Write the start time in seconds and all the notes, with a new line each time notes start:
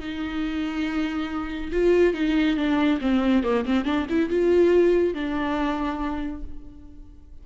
0.00 D#4
1.72 F4
2.14 D#4
2.57 D4
3.01 C4
3.44 A#3
3.65 C4
3.85 D4
4.09 E4
4.30 F4
5.14 D4